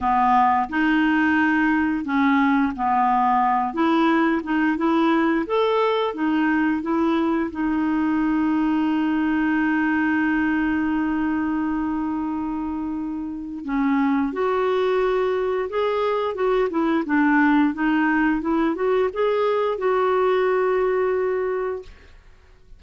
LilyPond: \new Staff \with { instrumentName = "clarinet" } { \time 4/4 \tempo 4 = 88 b4 dis'2 cis'4 | b4. e'4 dis'8 e'4 | a'4 dis'4 e'4 dis'4~ | dis'1~ |
dis'1 | cis'4 fis'2 gis'4 | fis'8 e'8 d'4 dis'4 e'8 fis'8 | gis'4 fis'2. | }